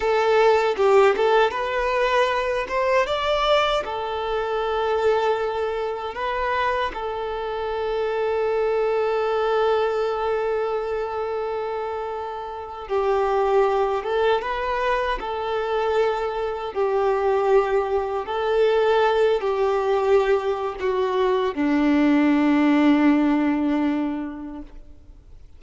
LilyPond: \new Staff \with { instrumentName = "violin" } { \time 4/4 \tempo 4 = 78 a'4 g'8 a'8 b'4. c''8 | d''4 a'2. | b'4 a'2.~ | a'1~ |
a'8. g'4. a'8 b'4 a'16~ | a'4.~ a'16 g'2 a'16~ | a'4~ a'16 g'4.~ g'16 fis'4 | d'1 | }